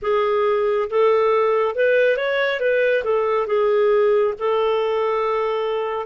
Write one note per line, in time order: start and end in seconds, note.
0.02 0.89 G#4
0.89 1.75 A4
1.75 2.17 B4
2.17 2.60 C#5
2.60 3.03 B4
3.04 3.47 A4
3.47 4.34 G#4
4.38 6.06 A4